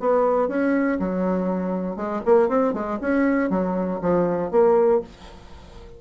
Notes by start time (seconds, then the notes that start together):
0.00 B3
0.48 C#4
1.00 F#3
1.96 G#3
2.25 A#3
2.49 C4
2.74 G#3
3.01 C#4
3.50 F#3
4.02 F3
4.51 A#3